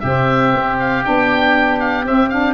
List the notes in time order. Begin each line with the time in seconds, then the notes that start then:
0.00 C3 C4 G4 E5
0.54 C4
0.80 F5
1.03 B3 D4 G5
1.79 F5
2.03 C4 E5
2.29 D4 F5